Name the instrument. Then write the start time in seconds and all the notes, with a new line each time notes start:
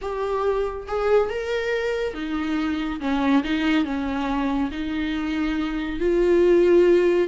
viola
0.01 G4
0.87 G#4
1.29 A#4
2.14 D#4
3.00 C#4
3.43 D#4
3.84 C#4
4.71 D#4
5.99 F4